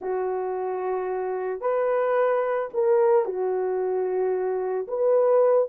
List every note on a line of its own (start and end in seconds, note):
0.01 1.60 F#4
1.60 2.69 B4
2.73 3.25 A#4
3.25 4.87 F#4
4.87 5.68 B4